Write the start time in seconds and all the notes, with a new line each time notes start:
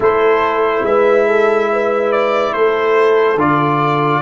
0.00 A3 E4 A4 C5
0.82 G#3 B4 E5
1.27 A4
1.72 B4
2.12 D5
2.53 A3 A4 C5
3.35 D3 F4 D5